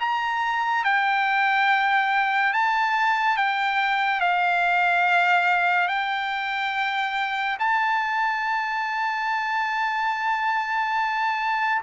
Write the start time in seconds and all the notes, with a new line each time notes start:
0.00 A#5
0.85 G5
2.54 A5
3.37 G5
4.21 F5
5.88 G5
7.60 A5